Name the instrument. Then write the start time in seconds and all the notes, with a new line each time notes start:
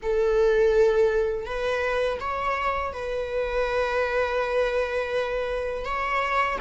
viola
0.02 A4
1.45 B4
2.20 C#5
2.92 B4
5.84 C#5